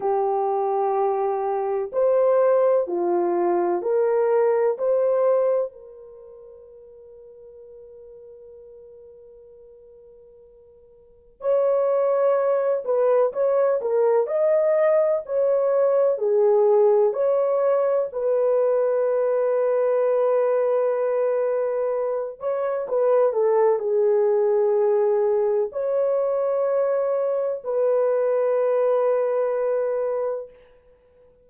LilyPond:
\new Staff \with { instrumentName = "horn" } { \time 4/4 \tempo 4 = 63 g'2 c''4 f'4 | ais'4 c''4 ais'2~ | ais'1 | cis''4. b'8 cis''8 ais'8 dis''4 |
cis''4 gis'4 cis''4 b'4~ | b'2.~ b'8 cis''8 | b'8 a'8 gis'2 cis''4~ | cis''4 b'2. | }